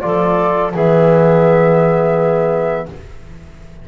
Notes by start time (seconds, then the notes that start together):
0.00 F3 F4 A4 D5
0.74 E3 B3 G#4 E5